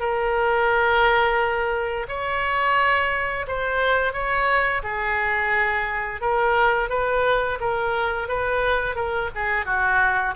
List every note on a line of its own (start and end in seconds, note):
0.00 2.07 A#4
2.08 3.46 C#5
3.47 4.13 C5
4.13 4.82 C#5
4.83 6.21 G#4
6.21 6.90 A#4
6.90 7.59 B4
7.60 8.28 A#4
8.28 8.95 B4
8.95 9.30 A#4
9.35 9.66 G#4
9.66 10.34 F#4